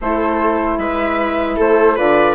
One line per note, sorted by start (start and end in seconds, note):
0.01 0.78 A3
0.01 1.96 E4
0.01 0.79 A4
0.01 0.78 C5
0.78 1.57 G#3
0.78 1.56 B4
0.78 1.57 E5
1.56 1.98 A3
1.56 1.95 A4
1.56 1.97 C5
1.95 2.34 D3
1.95 2.34 F4
1.95 2.34 B4
1.95 2.34 D5